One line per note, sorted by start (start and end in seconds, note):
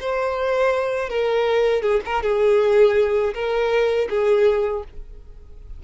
0.00 1.09 C5
1.09 1.82 A#4
1.82 2.00 G#4
2.05 2.22 A#4
2.22 3.33 G#4
3.34 4.08 A#4
4.09 4.83 G#4